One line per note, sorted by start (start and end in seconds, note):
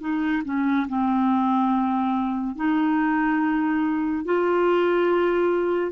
0.00 0.42 D#4
0.44 0.86 C#4
0.88 2.55 C4
2.55 4.24 D#4
4.24 5.92 F4